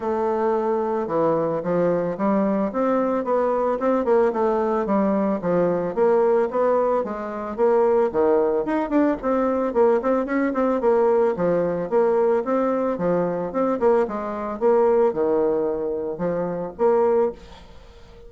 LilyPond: \new Staff \with { instrumentName = "bassoon" } { \time 4/4 \tempo 4 = 111 a2 e4 f4 | g4 c'4 b4 c'8 ais8 | a4 g4 f4 ais4 | b4 gis4 ais4 dis4 |
dis'8 d'8 c'4 ais8 c'8 cis'8 c'8 | ais4 f4 ais4 c'4 | f4 c'8 ais8 gis4 ais4 | dis2 f4 ais4 | }